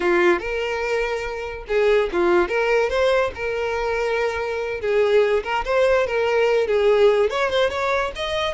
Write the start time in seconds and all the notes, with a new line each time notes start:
0.00 F4
0.39 A#4
1.67 G#4
2.12 F4
2.48 A#4
2.89 C5
3.34 A#4
4.80 G#4
5.43 A#4
5.65 C5
6.06 A#4
6.67 G#4
7.30 C#5
7.50 C5
7.70 C#5
8.15 D#5